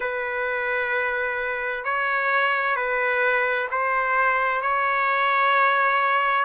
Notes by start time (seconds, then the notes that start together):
0.00 B4
1.84 C#5
2.76 B4
3.70 C5
4.61 C#5